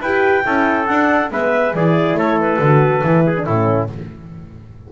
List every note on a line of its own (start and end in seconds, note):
0.00 0.43 E4
0.00 0.44 G4
0.00 0.44 B4
0.00 0.86 G5
0.44 0.88 C#4
0.44 0.87 E4
0.44 1.31 A4
0.86 1.31 D4
0.86 1.30 D4
0.86 1.29 F#5
1.30 1.73 G#3
1.30 1.74 B3
1.30 1.75 B4
1.30 1.74 E5
1.73 2.13 E3
1.73 2.62 E4
1.73 2.18 G#4
1.73 2.17 D5
2.13 2.57 A3
2.13 3.26 A4
2.13 2.39 C#5
2.40 3.43 B4
2.59 3.02 D3
2.59 3.03 F#4
3.03 3.46 E3
3.03 3.35 E4
3.26 3.45 G#4
3.37 3.47 D4
3.43 3.90 A2
3.43 3.92 C#4
3.43 3.88 E4
3.43 3.87 A4